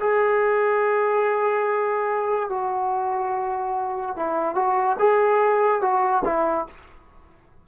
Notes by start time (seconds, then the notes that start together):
0.00 G#4
2.50 F#4
4.16 E4
4.55 F#4
4.99 G#4
5.81 F#4
6.25 E4